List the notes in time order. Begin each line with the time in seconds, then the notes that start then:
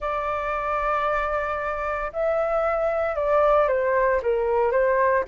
0.00 D5
2.12 E5
3.15 D5
3.68 C5
4.22 A#4
4.71 C5